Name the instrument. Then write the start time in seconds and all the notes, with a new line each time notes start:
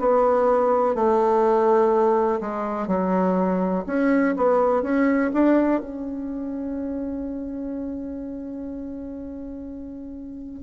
bassoon
0.00 B3
0.95 A3
2.41 G#3
2.88 F#3
3.87 C#4
4.37 B3
4.83 C#4
5.34 D4
5.81 C#4